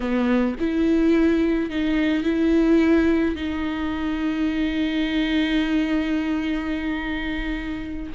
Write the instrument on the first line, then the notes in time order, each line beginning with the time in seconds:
viola
0.00 B3
0.59 E4
1.69 D#4
2.23 E4
3.35 D#4